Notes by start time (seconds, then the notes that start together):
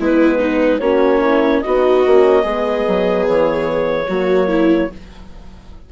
0.00 G#3 B3 E4 B4
0.39 D#4
0.79 A#3 C#4 F#4 C#5
1.21 E4
1.61 B3 D#4 F#4 D#5
2.06 A#3 C#4
2.43 G#3 B3 G#4
2.88 F#3
3.28 E3 C#5
4.08 F#3 A#3 F#4
4.48 E4